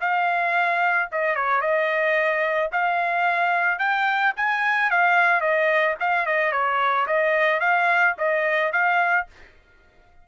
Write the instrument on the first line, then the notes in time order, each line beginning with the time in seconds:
trumpet
0.00 F5
1.11 D#5
1.35 C#5
1.61 D#5
2.72 F5
3.79 G5
4.36 G#5
4.90 F5
5.40 D#5
6.00 F5
6.26 D#5
6.52 C#5
7.07 D#5
7.60 F5
8.18 D#5
8.72 F5